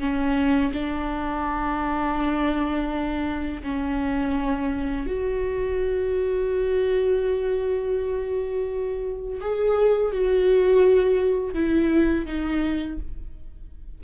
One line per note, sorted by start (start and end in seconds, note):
0.00 0.72 C#4
0.73 3.62 D4
3.63 5.07 C#4
5.07 9.40 F#4
9.41 10.12 G#4
10.12 11.54 F#4
11.54 12.26 E4
12.26 12.98 D#4